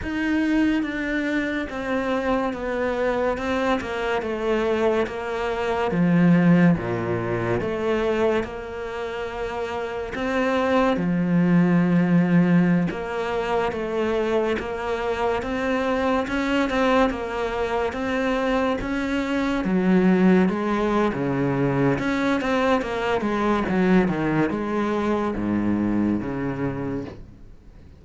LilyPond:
\new Staff \with { instrumentName = "cello" } { \time 4/4 \tempo 4 = 71 dis'4 d'4 c'4 b4 | c'8 ais8 a4 ais4 f4 | ais,4 a4 ais2 | c'4 f2~ f16 ais8.~ |
ais16 a4 ais4 c'4 cis'8 c'16~ | c'16 ais4 c'4 cis'4 fis8.~ | fis16 gis8. cis4 cis'8 c'8 ais8 gis8 | fis8 dis8 gis4 gis,4 cis4 | }